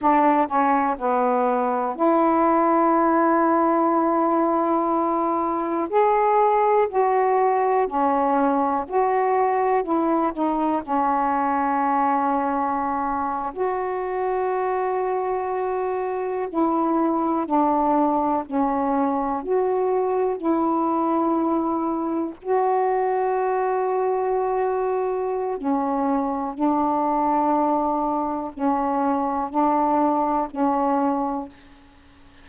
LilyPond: \new Staff \with { instrumentName = "saxophone" } { \time 4/4 \tempo 4 = 61 d'8 cis'8 b4 e'2~ | e'2 gis'4 fis'4 | cis'4 fis'4 e'8 dis'8 cis'4~ | cis'4.~ cis'16 fis'2~ fis'16~ |
fis'8. e'4 d'4 cis'4 fis'16~ | fis'8. e'2 fis'4~ fis'16~ | fis'2 cis'4 d'4~ | d'4 cis'4 d'4 cis'4 | }